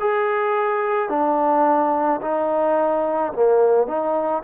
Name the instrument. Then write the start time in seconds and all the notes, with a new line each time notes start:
trombone
0.00 G#4
1.09 D4
2.21 D#4
3.33 A#3
3.87 D#4